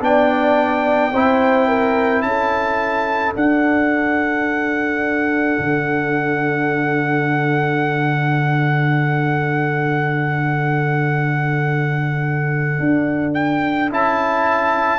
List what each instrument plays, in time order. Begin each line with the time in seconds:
0.00 tuba B3, trombone D4, horn D5, trumpet G5
1.12 tuba C4, trombone E4, horn C5
1.68 horn A#4
2.22 tuba C#4, horn A4, trumpet A5
3.35 trombone D4, tuba D4, trumpet F#5
5.59 tuba D3
12.79 tuba D4
13.34 trumpet G5
13.91 tuba C#4, trombone E4, trumpet A5